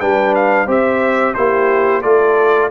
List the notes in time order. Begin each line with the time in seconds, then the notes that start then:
0.00 G3 D4 B4 G5
0.35 F5
0.65 C4 G4 C5 E5
1.34 A#3 E4 G4 C5
2.02 A3 F4 A4 D5